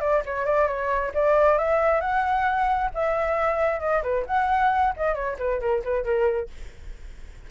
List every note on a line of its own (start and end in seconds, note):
0.00 0.22 D5
0.25 0.45 C#5
0.45 0.67 D5
0.67 1.12 C#5
1.14 1.58 D5
1.58 2.01 E5
2.01 2.90 F#5
2.94 3.80 E5
3.80 4.02 D#5
4.03 4.25 B4
4.26 4.93 F#5
4.97 5.14 D#5
5.14 5.36 C#5
5.38 5.60 B4
5.60 5.82 A#4
5.84 6.04 B4
6.04 6.49 A#4